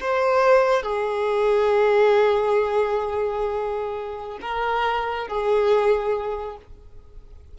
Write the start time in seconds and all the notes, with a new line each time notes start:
0.00 C5
0.83 G#4
4.41 A#4
5.28 G#4